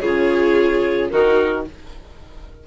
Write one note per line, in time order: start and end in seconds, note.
0.00 1.11 C#3
0.00 1.12 F4
0.00 1.10 G#4
0.00 1.09 C#5
1.10 1.67 D#3
1.10 1.67 D#4
1.10 1.67 F#4
1.10 1.65 A#4